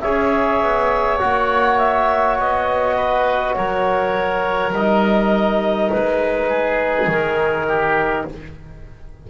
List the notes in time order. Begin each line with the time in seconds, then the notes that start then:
0.00 C#4 G#4 C#5 E5
0.62 B3
1.19 A#3 F#4 F#5
1.77 E5
2.38 B3 D#5
2.96 B4
3.54 F#3 A#4 C#5
4.73 G3 D#4 D#5
5.90 G#3 B4
6.48 G#4
7.06 D#3 A#4
7.67 G4